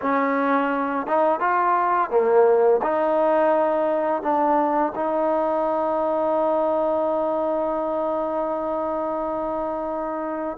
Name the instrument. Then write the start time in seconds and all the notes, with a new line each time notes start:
trombone
0.01 C#4
1.07 D#4
1.40 F4
2.10 A#3
2.82 D#4
4.22 D4
4.95 D#4